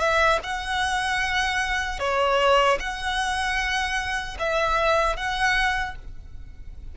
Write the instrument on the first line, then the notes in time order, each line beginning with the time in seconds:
violin
0.00 E5
0.43 F#5
2.00 C#5
2.80 F#5
4.39 E5
5.17 F#5